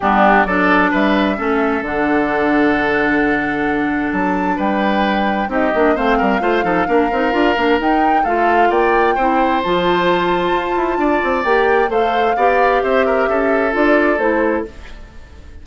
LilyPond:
<<
  \new Staff \with { instrumentName = "flute" } { \time 4/4 \tempo 4 = 131 g'4 d''4 e''2 | fis''1~ | fis''4 a''4 g''2 | dis''4 f''2.~ |
f''4 g''4 f''4 g''4~ | g''4 a''2.~ | a''4 g''4 f''2 | e''2 d''4 c''4 | }
  \new Staff \with { instrumentName = "oboe" } { \time 4/4 d'4 a'4 b'4 a'4~ | a'1~ | a'2 b'2 | g'4 c''8 ais'8 c''8 a'8 ais'4~ |
ais'2 a'4 d''4 | c''1 | d''2 c''4 d''4 | c''8 ais'8 a'2. | }
  \new Staff \with { instrumentName = "clarinet" } { \time 4/4 b4 d'2 cis'4 | d'1~ | d'1 | dis'8 d'8 c'4 f'8 dis'8 d'8 dis'8 |
f'8 d'8 dis'4 f'2 | e'4 f'2.~ | f'4 g'4 a'4 g'4~ | g'2 f'4 e'4 | }
  \new Staff \with { instrumentName = "bassoon" } { \time 4/4 g4 fis4 g4 a4 | d1~ | d4 fis4 g2 | c'8 ais8 a8 g8 a8 f8 ais8 c'8 |
d'8 ais8 dis'4 a4 ais4 | c'4 f2 f'8 e'8 | d'8 c'8 ais4 a4 b4 | c'4 cis'4 d'4 a4 | }
>>